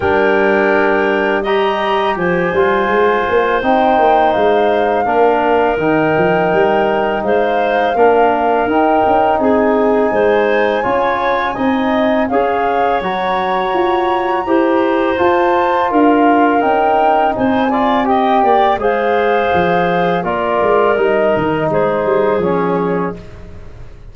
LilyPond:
<<
  \new Staff \with { instrumentName = "flute" } { \time 4/4 \tempo 4 = 83 g''2 ais''4 gis''4~ | gis''4 g''4 f''2 | g''2 f''2 | g''4 gis''2.~ |
gis''4 f''4 ais''2~ | ais''4 a''4 f''4 g''4 | gis''4 g''4 f''2 | d''4 dis''4 c''4 cis''4 | }
  \new Staff \with { instrumentName = "clarinet" } { \time 4/4 ais'2 dis''4 c''4~ | c''2. ais'4~ | ais'2 c''4 ais'4~ | ais'4 gis'4 c''4 cis''4 |
dis''4 cis''2. | c''2 ais'2 | c''8 d''8 dis''8 d''8 c''2 | ais'2 gis'2 | }
  \new Staff \with { instrumentName = "trombone" } { \time 4/4 d'2 g'4. f'8~ | f'4 dis'2 d'4 | dis'2. d'4 | dis'2. f'4 |
dis'4 gis'4 fis'2 | g'4 f'2 dis'4~ | dis'8 f'8 g'4 gis'2 | f'4 dis'2 cis'4 | }
  \new Staff \with { instrumentName = "tuba" } { \time 4/4 g2. f8 g8 | gis8 ais8 c'8 ais8 gis4 ais4 | dis8 f8 g4 gis4 ais4 | dis'8 cis'8 c'4 gis4 cis'4 |
c'4 cis'4 fis4 f'4 | e'4 f'4 d'4 cis'4 | c'4. ais8 gis4 f4 | ais8 gis8 g8 dis8 gis8 g8 f4 | }
>>